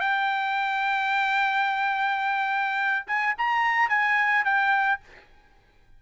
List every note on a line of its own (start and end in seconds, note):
0.00 3.06 G5
3.07 3.34 G#5
3.37 3.88 A#5
3.88 4.44 G#5
4.44 5.00 G5